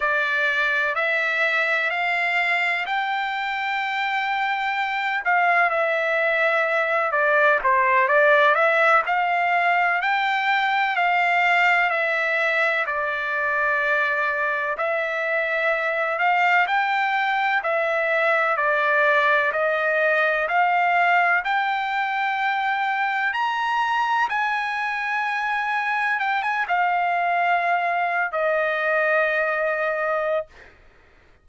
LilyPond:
\new Staff \with { instrumentName = "trumpet" } { \time 4/4 \tempo 4 = 63 d''4 e''4 f''4 g''4~ | g''4. f''8 e''4. d''8 | c''8 d''8 e''8 f''4 g''4 f''8~ | f''8 e''4 d''2 e''8~ |
e''4 f''8 g''4 e''4 d''8~ | d''8 dis''4 f''4 g''4.~ | g''8 ais''4 gis''2 g''16 gis''16 | f''4.~ f''16 dis''2~ dis''16 | }